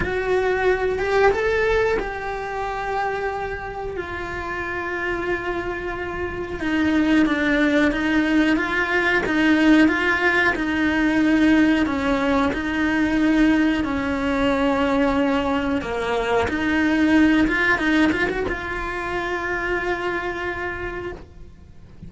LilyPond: \new Staff \with { instrumentName = "cello" } { \time 4/4 \tempo 4 = 91 fis'4. g'8 a'4 g'4~ | g'2 f'2~ | f'2 dis'4 d'4 | dis'4 f'4 dis'4 f'4 |
dis'2 cis'4 dis'4~ | dis'4 cis'2. | ais4 dis'4. f'8 dis'8 f'16 fis'16 | f'1 | }